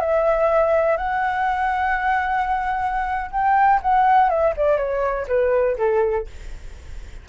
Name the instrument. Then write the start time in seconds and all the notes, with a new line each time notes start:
flute
0.00 E5
0.97 F#5
3.31 G5
3.82 F#5
4.29 E5
4.57 D5
4.77 C#5
5.28 B4
5.78 A4